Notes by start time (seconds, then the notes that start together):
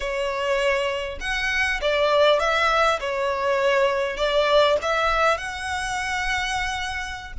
0.00 C#5
1.20 F#5
1.81 D5
2.39 E5
2.99 C#5
4.16 D5
4.82 E5
5.37 F#5